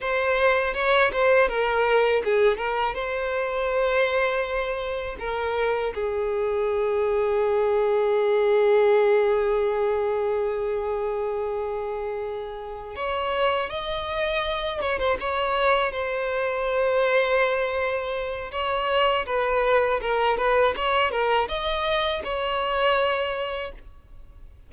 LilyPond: \new Staff \with { instrumentName = "violin" } { \time 4/4 \tempo 4 = 81 c''4 cis''8 c''8 ais'4 gis'8 ais'8 | c''2. ais'4 | gis'1~ | gis'1~ |
gis'4. cis''4 dis''4. | cis''16 c''16 cis''4 c''2~ c''8~ | c''4 cis''4 b'4 ais'8 b'8 | cis''8 ais'8 dis''4 cis''2 | }